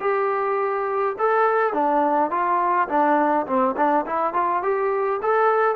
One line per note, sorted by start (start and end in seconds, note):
0.00 1.15 G4
1.18 1.73 A4
1.73 2.31 D4
2.31 2.88 F4
2.88 3.46 D4
3.46 3.75 C4
3.77 4.05 D4
4.06 4.33 E4
4.33 4.62 F4
4.63 5.20 G4
5.22 5.75 A4